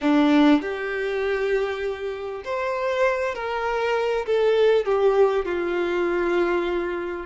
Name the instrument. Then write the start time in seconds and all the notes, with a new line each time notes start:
violin
0.01 D4
0.61 G4
2.44 C5
3.34 A#4
4.26 A4
4.85 G4
5.45 F4